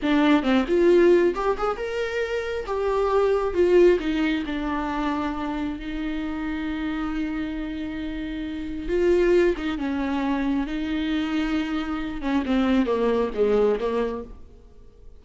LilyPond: \new Staff \with { instrumentName = "viola" } { \time 4/4 \tempo 4 = 135 d'4 c'8 f'4. g'8 gis'8 | ais'2 g'2 | f'4 dis'4 d'2~ | d'4 dis'2.~ |
dis'1 | f'4. dis'8 cis'2 | dis'2.~ dis'8 cis'8 | c'4 ais4 gis4 ais4 | }